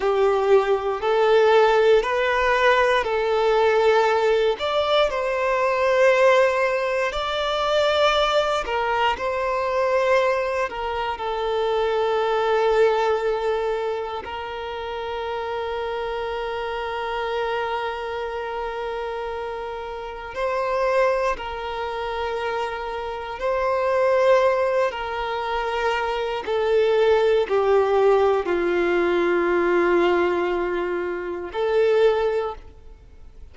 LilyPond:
\new Staff \with { instrumentName = "violin" } { \time 4/4 \tempo 4 = 59 g'4 a'4 b'4 a'4~ | a'8 d''8 c''2 d''4~ | d''8 ais'8 c''4. ais'8 a'4~ | a'2 ais'2~ |
ais'1 | c''4 ais'2 c''4~ | c''8 ais'4. a'4 g'4 | f'2. a'4 | }